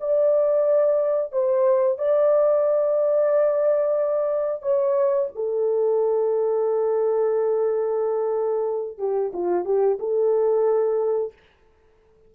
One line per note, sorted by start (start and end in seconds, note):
0.00 1.32 D5
1.32 1.98 C5
1.98 4.62 D5
4.62 5.29 C#5
5.35 8.98 A4
8.98 9.31 G4
9.33 9.65 F4
9.65 9.98 G4
9.99 11.32 A4